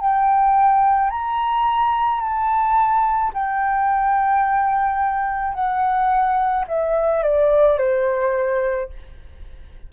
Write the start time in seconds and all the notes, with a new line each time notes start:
0.00 G5
1.10 A#5
2.21 A5
3.33 G5
5.54 F#5
6.68 E5
7.23 D5
7.78 C5